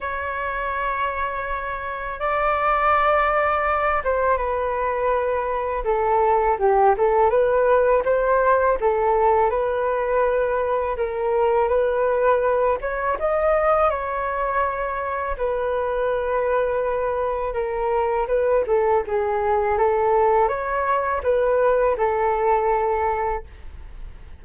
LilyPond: \new Staff \with { instrumentName = "flute" } { \time 4/4 \tempo 4 = 82 cis''2. d''4~ | d''4. c''8 b'2 | a'4 g'8 a'8 b'4 c''4 | a'4 b'2 ais'4 |
b'4. cis''8 dis''4 cis''4~ | cis''4 b'2. | ais'4 b'8 a'8 gis'4 a'4 | cis''4 b'4 a'2 | }